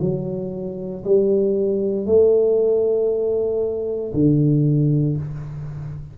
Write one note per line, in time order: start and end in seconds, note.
0.00 1.03 F#3
1.04 2.05 G3
2.05 4.12 A3
4.13 5.16 D3